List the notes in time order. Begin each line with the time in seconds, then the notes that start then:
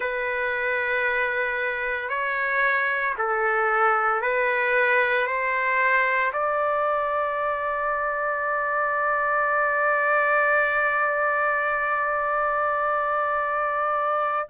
0.00 B4
2.09 C#5
3.18 A4
4.21 B4
5.26 C5
6.32 D5